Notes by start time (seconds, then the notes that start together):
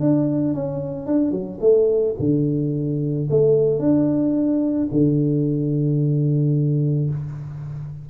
0.00 D4
0.54 C#4
1.06 D4
1.31 F#3
1.61 A3
2.19 D3
3.30 A3
3.79 D4
4.91 D3